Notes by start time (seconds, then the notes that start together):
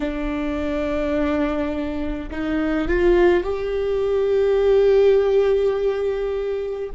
0.00 D4
2.30 D#4
2.87 F4
3.43 G4